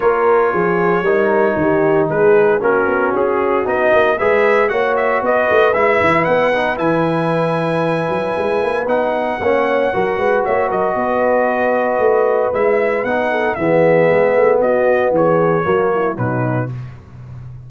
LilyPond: <<
  \new Staff \with { instrumentName = "trumpet" } { \time 4/4 \tempo 4 = 115 cis''1 | b'4 ais'4 gis'4 dis''4 | e''4 fis''8 e''8 dis''4 e''4 | fis''4 gis''2.~ |
gis''4 fis''2. | e''8 dis''2.~ dis''8 | e''4 fis''4 e''2 | dis''4 cis''2 b'4 | }
  \new Staff \with { instrumentName = "horn" } { \time 4/4 ais'4 gis'4 ais'4 g'4 | gis'4 fis'2. | b'4 cis''4 b'2~ | b'1~ |
b'2 cis''4 ais'8 b'8 | cis''8 ais'8 b'2.~ | b'4. a'8 gis'2 | fis'4 gis'4 fis'8 e'8 dis'4 | }
  \new Staff \with { instrumentName = "trombone" } { \time 4/4 f'2 dis'2~ | dis'4 cis'2 dis'4 | gis'4 fis'2 e'4~ | e'8 dis'8 e'2.~ |
e'4 dis'4 cis'4 fis'4~ | fis'1 | e'4 dis'4 b2~ | b2 ais4 fis4 | }
  \new Staff \with { instrumentName = "tuba" } { \time 4/4 ais4 f4 g4 dis4 | gis4 ais8 b8 cis'4 b8 ais8 | gis4 ais4 b8 a8 gis8 e8 | b4 e2~ e8 fis8 |
gis8 ais8 b4 ais4 fis8 gis8 | ais8 fis8 b2 a4 | gis4 b4 e4 gis8 a8 | b4 e4 fis4 b,4 | }
>>